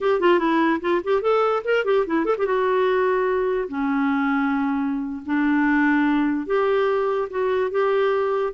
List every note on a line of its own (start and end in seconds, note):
0.01 0.20 G4
0.20 0.39 F4
0.39 0.80 E4
0.81 1.01 F4
1.04 1.21 G4
1.21 1.62 A4
1.64 1.85 A#4
1.85 2.05 G4
2.06 2.25 E4
2.25 2.35 A4
2.38 2.46 G4
2.46 3.68 F#4
3.68 5.22 C#4
5.25 6.46 D4
6.46 7.28 G4
7.29 7.71 F#4
7.71 8.53 G4